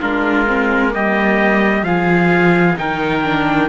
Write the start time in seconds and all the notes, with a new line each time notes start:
0.00 G#3 D4 F4 A#4
0.47 C4
0.90 G3 A#3 G4 D#5
1.83 F3 F4 G#4 F5
2.77 D#3 D#4 A#4 G5
3.25 D4